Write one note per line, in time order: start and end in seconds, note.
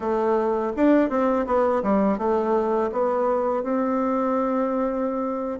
0.00 0.72 A3
0.76 1.09 D4
1.09 1.45 C4
1.46 1.82 B3
1.82 2.18 G3
2.18 2.90 A3
2.91 3.63 B3
3.63 5.59 C4